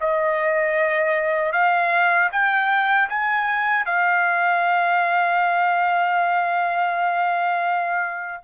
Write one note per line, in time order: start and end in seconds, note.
0.00 1.52 D#5
1.52 2.29 F5
2.31 3.08 G5
3.09 3.85 G#5
3.85 8.44 F5